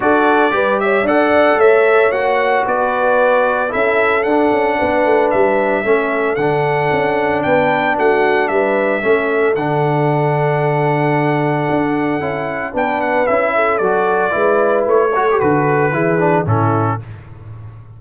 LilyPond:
<<
  \new Staff \with { instrumentName = "trumpet" } { \time 4/4 \tempo 4 = 113 d''4. e''8 fis''4 e''4 | fis''4 d''2 e''4 | fis''2 e''2 | fis''2 g''4 fis''4 |
e''2 fis''2~ | fis''1 | g''8 fis''8 e''4 d''2 | cis''4 b'2 a'4 | }
  \new Staff \with { instrumentName = "horn" } { \time 4/4 a'4 b'8 cis''8 d''4 cis''4~ | cis''4 b'2 a'4~ | a'4 b'2 a'4~ | a'2 b'4 fis'4 |
b'4 a'2.~ | a'1 | b'4. a'4. b'4~ | b'8 a'4. gis'4 e'4 | }
  \new Staff \with { instrumentName = "trombone" } { \time 4/4 fis'4 g'4 a'2 | fis'2. e'4 | d'2. cis'4 | d'1~ |
d'4 cis'4 d'2~ | d'2. e'4 | d'4 e'4 fis'4 e'4~ | e'8 fis'16 g'16 fis'4 e'8 d'8 cis'4 | }
  \new Staff \with { instrumentName = "tuba" } { \time 4/4 d'4 g4 d'4 a4 | ais4 b2 cis'4 | d'8 cis'8 b8 a8 g4 a4 | d4 cis'4 b4 a4 |
g4 a4 d2~ | d2 d'4 cis'4 | b4 cis'4 fis4 gis4 | a4 d4 e4 a,4 | }
>>